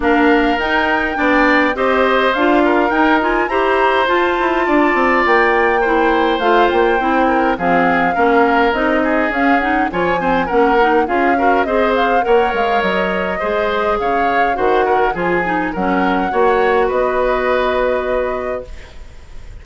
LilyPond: <<
  \new Staff \with { instrumentName = "flute" } { \time 4/4 \tempo 4 = 103 f''4 g''2 dis''4 | f''4 g''8 gis''8 ais''4 a''4~ | a''4 g''2 f''8 g''8~ | g''4 f''2 dis''4 |
f''8 fis''8 gis''4 fis''4 f''4 | dis''8 f''8 fis''8 f''8 dis''2 | f''4 fis''4 gis''4 fis''4~ | fis''4 dis''2. | }
  \new Staff \with { instrumentName = "oboe" } { \time 4/4 ais'2 d''4 c''4~ | c''8 ais'4. c''2 | d''2 c''2~ | c''8 ais'8 gis'4 ais'4. gis'8~ |
gis'4 cis''8 c''8 ais'4 gis'8 ais'8 | c''4 cis''2 c''4 | cis''4 c''8 ais'8 gis'4 ais'4 | cis''4 b'2. | }
  \new Staff \with { instrumentName = "clarinet" } { \time 4/4 d'4 dis'4 d'4 g'4 | f'4 dis'8 f'8 g'4 f'4~ | f'2 e'4 f'4 | e'4 c'4 cis'4 dis'4 |
cis'8 dis'8 f'8 c'8 cis'8 dis'8 f'8 fis'8 | gis'4 ais'2 gis'4~ | gis'4 fis'4 f'8 dis'8 cis'4 | fis'1 | }
  \new Staff \with { instrumentName = "bassoon" } { \time 4/4 ais4 dis'4 b4 c'4 | d'4 dis'4 e'4 f'8 e'8 | d'8 c'8 ais2 a8 ais8 | c'4 f4 ais4 c'4 |
cis'4 f4 ais4 cis'4 | c'4 ais8 gis8 fis4 gis4 | cis4 dis4 f4 fis4 | ais4 b2. | }
>>